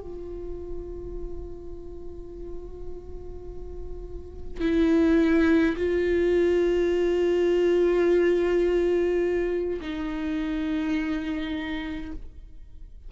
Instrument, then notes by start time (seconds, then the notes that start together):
viola
0.00 F4
4.60 E4
5.76 F4
9.81 D#4